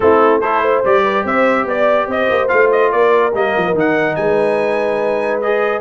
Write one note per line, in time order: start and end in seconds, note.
0.00 0.83 A3
0.00 0.42 C4
0.00 0.40 E4
0.00 0.40 A4
0.40 0.84 E4
0.40 0.61 A4
0.40 0.82 C5
0.61 1.02 C5
0.84 1.24 G3
0.84 2.48 G4
0.84 1.26 D5
1.03 1.23 B4
1.24 1.65 C4
1.24 1.67 C5
1.24 1.68 E5
1.65 2.06 B3
1.65 2.09 D5
1.65 2.10 D5
2.07 2.27 C4
2.07 2.92 C5
2.07 2.48 D#5
2.29 2.50 A#3
2.48 2.93 A3
2.48 3.31 F4
2.48 2.69 F5
2.71 2.91 D#5
2.91 3.33 A#3
2.91 4.16 A#4
2.91 3.33 D5
3.33 3.54 G3
3.33 3.75 A#3
3.33 3.76 D#5
3.56 3.73 F3
3.73 4.15 D#3
3.73 5.42 D#4
3.73 4.15 F#5
4.15 5.80 G#3
4.15 5.80 B4
4.15 5.40 G#5
5.40 5.80 G#4
5.40 5.80 D#5